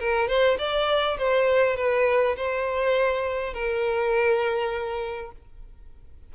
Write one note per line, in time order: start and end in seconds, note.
0.00 0.28 A#4
0.28 0.58 C5
0.58 1.18 D5
1.19 1.77 C5
1.77 2.36 B4
2.37 3.54 C5
3.54 5.32 A#4